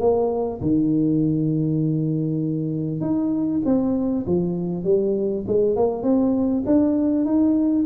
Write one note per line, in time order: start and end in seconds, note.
0.00 0.61 A#3
0.61 3.01 D#3
3.01 3.61 D#4
3.65 4.26 C4
4.26 4.84 F3
4.84 5.44 G3
5.47 5.76 G#3
5.76 6.03 A#3
6.03 6.63 C4
6.66 7.25 D4
7.25 7.85 D#4